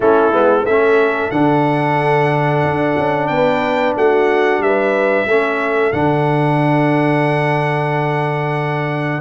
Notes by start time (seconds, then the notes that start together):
0.00 A3 C#4 E4 A4
0.31 G#3 B3
0.65 A3 C#4 A4 E5
1.30 D3 D4 F#5
2.64 D4
2.97 C#4
3.27 B3 B4 G5
3.96 A3 F#4 F#5
4.58 G3 E5
4.64 B4
5.26 A3 C#4 A4
5.92 D3 D4 F#5